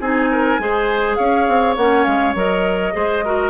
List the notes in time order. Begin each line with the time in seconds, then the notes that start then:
0.00 C4 D#4 G#4 G#5
0.31 A#4
0.58 G#3 G#4 C5
1.15 C#4 C#5 F5
1.48 C4
1.76 A#3 C#4 F#5
2.04 G#3 F5
2.34 F#3 A#4 D#5
2.92 G#3 G#4 C5
3.24 F#4 A#4